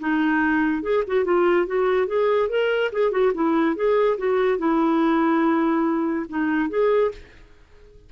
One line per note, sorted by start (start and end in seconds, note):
0.00 0.83 D#4
0.83 1.04 G#4
1.07 1.25 F#4
1.25 1.66 F4
1.66 2.07 F#4
2.07 2.49 G#4
2.49 2.91 A#4
2.93 3.11 G#4
3.11 3.32 F#4
3.34 3.76 E4
3.76 4.18 G#4
4.18 4.58 F#4
4.58 6.26 E4
6.29 6.69 D#4
6.69 7.11 G#4